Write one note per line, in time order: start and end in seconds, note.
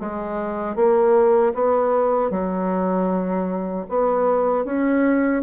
0.00 0.76 G#3
0.76 1.54 A#3
1.54 2.31 B3
2.31 3.87 F#3
3.89 4.65 B3
4.65 5.43 C#4